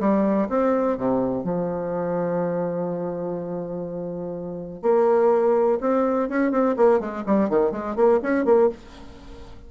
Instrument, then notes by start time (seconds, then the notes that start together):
bassoon
0.00 G3
0.49 C4
0.98 C3
1.44 F3
4.82 A#3
5.81 C4
6.29 C#4
6.51 C4
6.77 A#3
7.00 G#3
7.26 G3
7.50 D#3
7.72 G#3
7.96 A#3
8.23 C#4
8.45 A#3